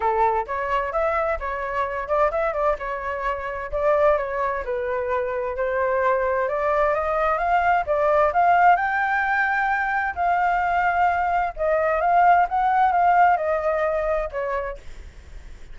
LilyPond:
\new Staff \with { instrumentName = "flute" } { \time 4/4 \tempo 4 = 130 a'4 cis''4 e''4 cis''4~ | cis''8 d''8 e''8 d''8 cis''2 | d''4 cis''4 b'2 | c''2 d''4 dis''4 |
f''4 d''4 f''4 g''4~ | g''2 f''2~ | f''4 dis''4 f''4 fis''4 | f''4 dis''2 cis''4 | }